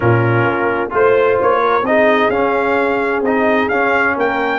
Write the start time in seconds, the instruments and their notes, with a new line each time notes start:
0.00 tuba A#2, trombone C#4, horn F4, trumpet A#4
0.44 tuba A#3
0.90 tuba A3, trombone F4, trumpet C5, horn C5
1.41 tuba A#3, trumpet C#5
1.61 horn A#4
1.82 tuba C4, trombone D#4, horn G#4, trumpet D#5
2.29 tuba C#4, trombone C#4, trumpet F5
3.21 tuba C4, trombone D#4, trumpet D#5
3.69 tuba C#4, trombone C#4, trumpet F5
4.16 tuba A#3, horn A#4, trumpet G5